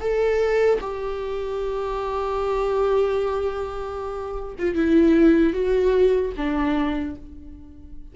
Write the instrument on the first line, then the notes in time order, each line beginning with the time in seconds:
viola
0.00 A4
0.80 G4
4.58 F4
4.75 E4
5.53 F#4
6.37 D4